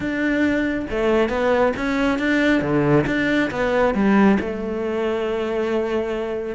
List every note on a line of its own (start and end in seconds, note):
0.00 0.86 D4
0.90 1.29 A3
1.29 1.73 B3
1.76 2.18 C#4
2.18 2.61 D4
2.61 3.05 D3
3.06 3.50 D4
3.50 3.94 B3
3.94 4.38 G3
4.40 6.55 A3